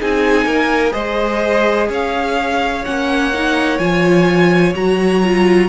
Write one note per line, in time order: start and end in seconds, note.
0.00 0.46 C4
0.00 0.91 D#4
0.00 0.47 G#4
0.00 0.93 G#5
0.46 0.93 A#3
0.46 0.94 A#4
0.91 1.89 G#3
0.91 2.82 G#4
0.91 1.89 C5
0.91 1.88 D#5
1.89 2.85 C#4
1.89 5.70 C#5
1.89 2.85 F5
2.85 3.79 A#3
2.85 3.33 C#4
2.85 3.79 F#5
3.34 3.79 D#4
3.79 4.74 F3
3.79 4.74 F4
3.79 4.74 G#5
4.75 5.70 F#3
4.75 5.23 F#4
4.75 5.70 A#5
5.24 5.70 F4